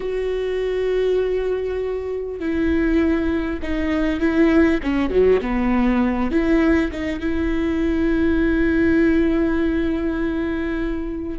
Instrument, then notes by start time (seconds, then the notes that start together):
viola
0.00 F#4
2.39 E4
3.62 D#4
4.20 E4
4.82 C#4
5.09 F#3
5.41 B3
6.31 E4
6.91 D#4
7.19 E4